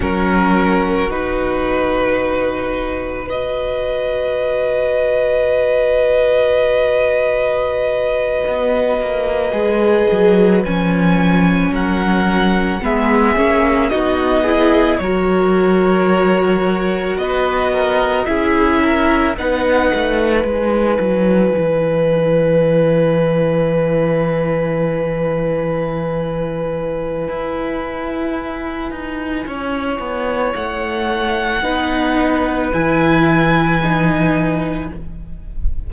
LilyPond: <<
  \new Staff \with { instrumentName = "violin" } { \time 4/4 \tempo 4 = 55 ais'4 b'2 dis''4~ | dis''1~ | dis''4.~ dis''16 gis''4 fis''4 e''16~ | e''8. dis''4 cis''2 dis''16~ |
dis''8. e''4 fis''4 gis''4~ gis''16~ | gis''1~ | gis''1 | fis''2 gis''2 | }
  \new Staff \with { instrumentName = "violin" } { \time 4/4 fis'2. b'4~ | b'1~ | b'2~ b'8. ais'4 gis'16~ | gis'8. fis'8 gis'8 ais'2 b'16~ |
b'16 ais'8 gis'8 ais'8 b'2~ b'16~ | b'1~ | b'2. cis''4~ | cis''4 b'2. | }
  \new Staff \with { instrumentName = "viola" } { \time 4/4 cis'4 dis'2 fis'4~ | fis'1~ | fis'8. gis'4 cis'2 b16~ | b16 cis'8 dis'8 e'8 fis'2~ fis'16~ |
fis'8. e'4 dis'4 e'4~ e'16~ | e'1~ | e'1~ | e'4 dis'4 e'4 dis'4 | }
  \new Staff \with { instrumentName = "cello" } { \time 4/4 fis4 b,2.~ | b,2.~ b,8. b16~ | b16 ais8 gis8 fis8 f4 fis4 gis16~ | gis16 ais8 b4 fis2 b16~ |
b8. cis'4 b8 a8 gis8 fis8 e16~ | e1~ | e4 e'4. dis'8 cis'8 b8 | a4 b4 e2 | }
>>